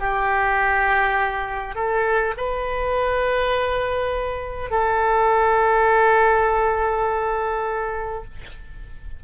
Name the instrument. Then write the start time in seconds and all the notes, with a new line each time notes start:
oboe
0.00 G4
1.75 A4
2.37 B4
4.71 A4